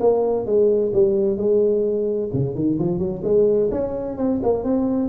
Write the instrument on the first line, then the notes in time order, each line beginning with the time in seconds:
tuba
0.00 A#3
0.46 G#3
0.93 G3
1.37 G#3
2.33 C#3
2.55 D#3
2.79 F3
2.99 F#3
3.24 G#3
3.71 C#4
4.17 C4
4.43 A#3
4.64 C4